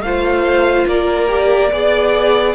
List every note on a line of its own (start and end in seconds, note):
0.00 0.85 A3
0.00 1.28 F4
0.00 0.87 C5
0.00 0.86 F5
0.87 1.71 A#3
0.87 1.72 A#4
0.87 2.55 D5
1.28 1.70 G4
1.71 2.55 B3
1.71 2.55 G#4
1.71 2.55 D5